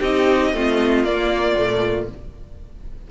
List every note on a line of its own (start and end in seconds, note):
0.00 0.53 C4
0.00 0.54 D#4
0.00 0.52 G4
0.00 1.04 D#5
0.53 1.04 A3
0.53 1.05 C4
0.53 2.11 F4
1.04 1.55 A#3
1.04 1.57 A#3
1.04 2.08 D5
1.57 2.09 A#2
1.57 2.08 A3